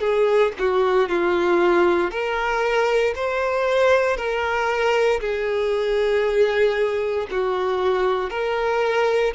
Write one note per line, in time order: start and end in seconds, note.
0.00 0.52 G#4
0.59 1.09 F#4
1.09 2.11 F4
2.11 3.14 A#4
3.16 4.17 C5
4.17 5.20 A#4
5.21 7.27 G#4
7.31 8.30 F#4
8.30 9.33 A#4